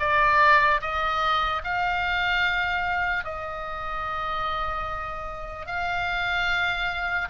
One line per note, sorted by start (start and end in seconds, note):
0.00 0.81 D5
0.81 1.63 D#5
1.64 3.25 F5
3.25 5.66 D#5
5.66 7.29 F5